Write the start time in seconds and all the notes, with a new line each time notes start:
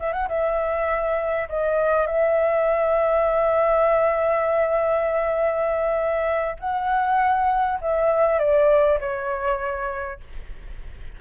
0.00 E5
0.13 F#5
0.28 E5
1.49 D#5
2.07 E5
6.60 F#5
7.81 E5
8.39 D5
9.01 C#5